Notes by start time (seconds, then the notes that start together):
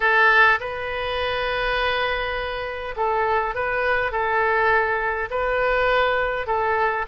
0.00 A4
0.60 B4
2.96 A4
3.55 B4
4.11 A4
5.30 B4
6.47 A4